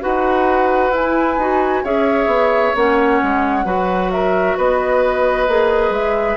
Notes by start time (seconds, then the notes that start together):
0.00 D#4 F#4 B4 F#5
0.90 E4 G#5
1.37 D#4 F#4
1.83 C#4 G#4 C#5 E5
2.26 B3
2.75 A#3 C#4 F#5
3.22 G#3
3.64 F#3 F#4 B4
4.11 A#4 E5
4.57 B3 B4 D#5
5.48 A#3 G#4
5.89 G#3 E5